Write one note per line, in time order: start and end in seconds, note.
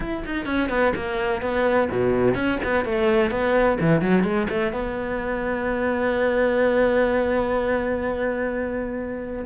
0.00 0.23 E4
0.25 0.45 D#4
0.45 0.69 C#4
0.69 0.93 B3
0.95 1.41 A#3
1.41 1.88 B3
1.90 2.35 B2
2.35 2.58 C#4
2.63 2.84 B3
2.84 3.30 A3
3.30 3.78 B3
3.80 4.01 E3
4.01 4.23 F#3
4.23 4.47 G#3
4.49 4.72 A3
4.72 9.45 B3